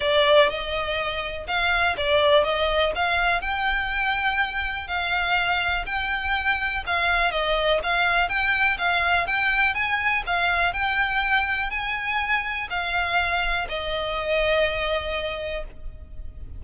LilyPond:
\new Staff \with { instrumentName = "violin" } { \time 4/4 \tempo 4 = 123 d''4 dis''2 f''4 | d''4 dis''4 f''4 g''4~ | g''2 f''2 | g''2 f''4 dis''4 |
f''4 g''4 f''4 g''4 | gis''4 f''4 g''2 | gis''2 f''2 | dis''1 | }